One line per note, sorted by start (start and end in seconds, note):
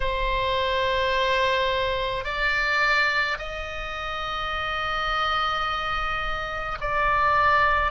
0.00 2.24 C5
2.24 3.37 D5
3.38 6.78 D#5
6.80 7.91 D5